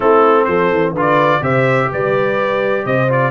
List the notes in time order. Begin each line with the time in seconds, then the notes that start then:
0.00 A3 C4 E4 A4
0.44 F3 A4 C5
0.71 E3
0.92 D3 F4 B4
1.00 D5
1.41 C3 G4 C5 E5
1.91 G3 B4 D5
2.85 C3 C5 D#5
3.08 F4 D5